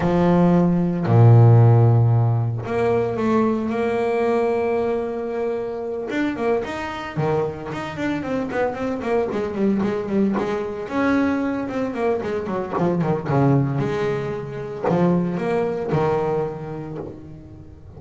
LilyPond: \new Staff \with { instrumentName = "double bass" } { \time 4/4 \tempo 4 = 113 f2 ais,2~ | ais,4 ais4 a4 ais4~ | ais2.~ ais8 d'8 | ais8 dis'4 dis4 dis'8 d'8 c'8 |
b8 c'8 ais8 gis8 g8 gis8 g8 gis8~ | gis8 cis'4. c'8 ais8 gis8 fis8 | f8 dis8 cis4 gis2 | f4 ais4 dis2 | }